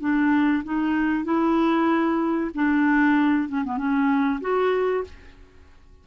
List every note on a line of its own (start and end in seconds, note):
0.00 0.63 D4
0.64 1.24 D#4
1.24 2.51 E4
2.54 3.48 D4
3.48 3.64 C#4
3.64 3.77 B3
3.77 4.40 C#4
4.41 5.04 F#4